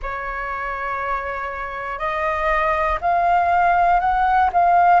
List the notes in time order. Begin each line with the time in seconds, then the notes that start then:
0.02 C#5
1.99 D#5
3.00 F5
4.00 F#5
4.52 F5